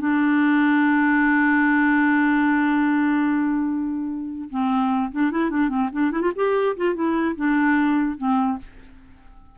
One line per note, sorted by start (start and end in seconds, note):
0.00 4.49 D4
4.50 5.12 C4
5.12 5.31 D4
5.31 5.50 E4
5.50 5.69 D4
5.69 5.89 C4
5.92 6.11 D4
6.11 6.22 E4
6.22 6.32 F4
6.35 6.76 G4
6.77 6.95 F4
6.95 7.35 E4
7.36 8.17 D4
8.17 8.58 C4